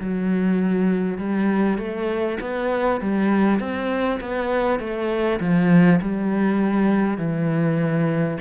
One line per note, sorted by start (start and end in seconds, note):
0.00 1.18 F#3
1.18 1.78 G3
1.78 2.38 A3
2.41 3.01 B3
3.01 3.59 G3
3.59 4.19 C4
4.21 4.79 B3
4.79 5.39 A3
5.40 6.00 F3
6.01 7.18 G3
7.18 8.38 E3